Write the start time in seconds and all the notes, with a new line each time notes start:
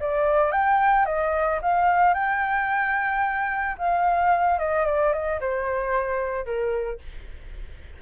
0.00 D5
0.52 G5
1.06 D#5
1.62 F5
2.14 G5
3.78 F5
4.59 D#5
4.86 D5
5.13 D#5
5.40 C5
6.45 A#4